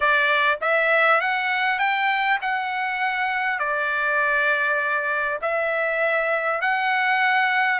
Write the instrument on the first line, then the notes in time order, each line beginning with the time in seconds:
trumpet
0.00 D5
0.61 E5
1.21 F#5
1.78 G5
2.41 F#5
3.59 D5
5.41 E5
6.61 F#5